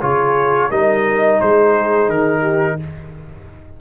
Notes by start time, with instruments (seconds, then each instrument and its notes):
0.00 tuba C#3, trombone F4, horn G#4, trumpet C#5
0.70 tuba G3, trombone D#4, horn A#4, trumpet D#5
1.40 tuba G#3, horn G#4, trumpet C5
2.09 tuba D#3, trumpet A#4
2.41 horn G4